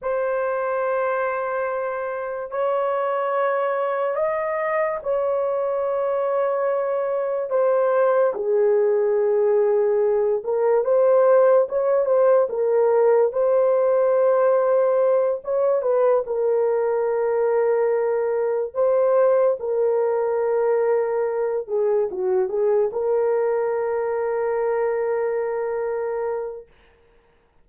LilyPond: \new Staff \with { instrumentName = "horn" } { \time 4/4 \tempo 4 = 72 c''2. cis''4~ | cis''4 dis''4 cis''2~ | cis''4 c''4 gis'2~ | gis'8 ais'8 c''4 cis''8 c''8 ais'4 |
c''2~ c''8 cis''8 b'8 ais'8~ | ais'2~ ais'8 c''4 ais'8~ | ais'2 gis'8 fis'8 gis'8 ais'8~ | ais'1 | }